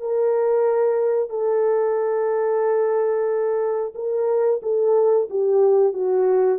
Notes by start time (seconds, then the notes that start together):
0.00 A#4
1.29 A4
3.94 A#4
4.62 A4
5.30 G4
5.93 F#4